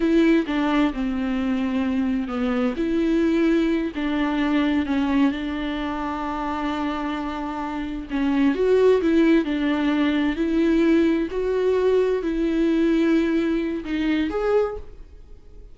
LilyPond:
\new Staff \with { instrumentName = "viola" } { \time 4/4 \tempo 4 = 130 e'4 d'4 c'2~ | c'4 b4 e'2~ | e'8 d'2 cis'4 d'8~ | d'1~ |
d'4. cis'4 fis'4 e'8~ | e'8 d'2 e'4.~ | e'8 fis'2 e'4.~ | e'2 dis'4 gis'4 | }